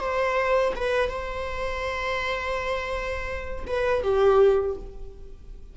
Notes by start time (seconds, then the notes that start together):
0.00 C5
0.76 B4
1.09 C5
3.67 B4
4.03 G4